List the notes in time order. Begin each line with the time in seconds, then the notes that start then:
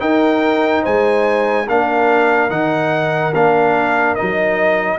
0.00 D#4 A#4 G5
0.83 G#3 C5 G#5
1.68 A#3 D4 A#4 F5
2.50 D#3 D#4 F#5
3.34 A#3 D4 F5
4.15 D#4 D#5
4.22 F#3